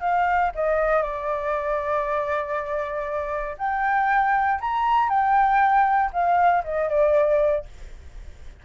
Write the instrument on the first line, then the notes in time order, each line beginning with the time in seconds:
flute
0.00 F5
0.54 D#5
1.02 D5
3.58 G5
4.60 A#5
5.09 G5
6.12 F5
6.64 D#5
6.89 D5